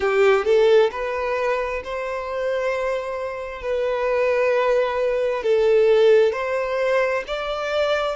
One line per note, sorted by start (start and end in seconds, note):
0.00 0.45 G4
0.45 0.90 A4
0.91 1.82 B4
1.83 3.62 C5
3.62 5.43 B4
5.43 6.32 A4
6.32 7.23 C5
7.27 8.15 D5